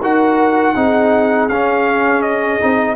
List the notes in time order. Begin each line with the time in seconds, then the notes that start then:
0.00 D#4 F#4 A#4 F#5
0.75 C4 D#4 G#4
1.48 C#4 F5
2.22 D#5
2.60 C4 D#4